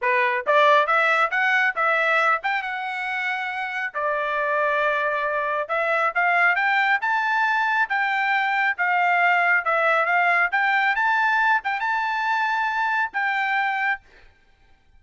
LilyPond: \new Staff \with { instrumentName = "trumpet" } { \time 4/4 \tempo 4 = 137 b'4 d''4 e''4 fis''4 | e''4. g''8 fis''2~ | fis''4 d''2.~ | d''4 e''4 f''4 g''4 |
a''2 g''2 | f''2 e''4 f''4 | g''4 a''4. g''8 a''4~ | a''2 g''2 | }